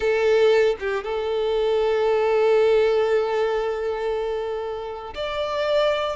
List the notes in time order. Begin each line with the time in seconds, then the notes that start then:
0.00 A4
0.79 G4
1.03 A4
5.14 D5